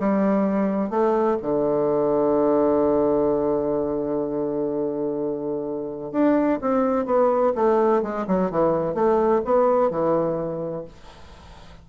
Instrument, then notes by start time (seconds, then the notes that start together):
bassoon
0.00 G3
0.90 A3
1.42 D3
6.12 D4
6.61 C4
7.06 B3
7.55 A3
8.03 G#3
8.28 F#3
8.51 E3
8.94 A3
9.45 B3
9.91 E3